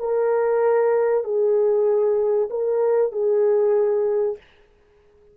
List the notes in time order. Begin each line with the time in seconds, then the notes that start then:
0.00 A#4
1.24 G#4
2.51 A#4
3.13 G#4